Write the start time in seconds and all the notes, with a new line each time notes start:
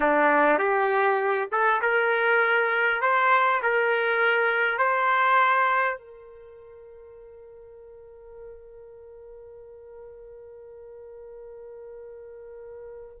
0.00 D4
0.58 G4
1.51 A4
1.81 A#4
3.01 C5
3.62 A#4
4.78 C5
5.98 A#4